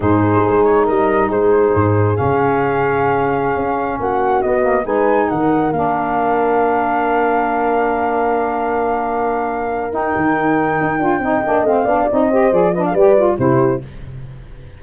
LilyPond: <<
  \new Staff \with { instrumentName = "flute" } { \time 4/4 \tempo 4 = 139 c''4. cis''8 dis''4 c''4~ | c''4 f''2.~ | f''4~ f''16 fis''4 dis''4 gis''8.~ | gis''16 fis''4 f''2~ f''8.~ |
f''1~ | f''2. g''4~ | g''2. f''4 | dis''4 d''8 dis''16 f''16 d''4 c''4 | }
  \new Staff \with { instrumentName = "horn" } { \time 4/4 gis'2 ais'4 gis'4~ | gis'1~ | gis'4~ gis'16 fis'2 b'8.~ | b'16 ais'2.~ ais'8.~ |
ais'1~ | ais'1~ | ais'2 dis''4. d''8~ | d''8 c''4 b'16 a'16 b'4 g'4 | }
  \new Staff \with { instrumentName = "saxophone" } { \time 4/4 dis'1~ | dis'4 cis'2.~ | cis'2~ cis'16 b8 ais8 dis'8.~ | dis'4~ dis'16 d'2~ d'8.~ |
d'1~ | d'2. dis'4~ | dis'4. f'8 dis'8 d'8 c'8 d'8 | dis'8 g'8 gis'8 d'8 g'8 f'8 e'4 | }
  \new Staff \with { instrumentName = "tuba" } { \time 4/4 gis,4 gis4 g4 gis4 | gis,4 cis2.~ | cis16 cis'4 ais4 b4 gis8.~ | gis16 dis4 ais2~ ais8.~ |
ais1~ | ais2. dis'8 dis8~ | dis4 dis'8 d'8 c'8 ais8 a8 b8 | c'4 f4 g4 c4 | }
>>